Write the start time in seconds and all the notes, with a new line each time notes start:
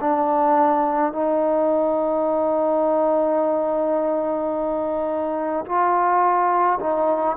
0.00 D4
1.12 D#4
5.66 F4
6.80 D#4